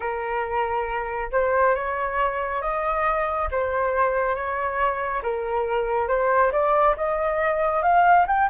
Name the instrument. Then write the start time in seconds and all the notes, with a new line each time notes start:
flute
0.00 A#4
1.31 C5
1.75 C#5
2.61 D#5
3.51 C5
4.35 C#5
5.23 A#4
6.08 C5
6.52 D5
6.96 D#5
7.82 F5
8.27 G5